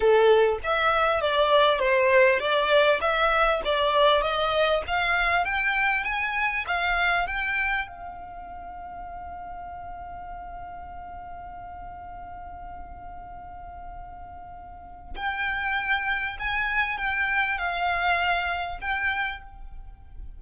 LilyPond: \new Staff \with { instrumentName = "violin" } { \time 4/4 \tempo 4 = 99 a'4 e''4 d''4 c''4 | d''4 e''4 d''4 dis''4 | f''4 g''4 gis''4 f''4 | g''4 f''2.~ |
f''1~ | f''1~ | f''4 g''2 gis''4 | g''4 f''2 g''4 | }